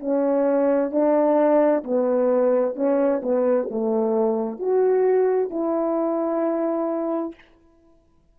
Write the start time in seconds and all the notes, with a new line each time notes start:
0.00 C#4
0.91 D4
1.84 B3
2.76 C#4
3.23 B3
3.71 A3
4.59 F#4
5.50 E4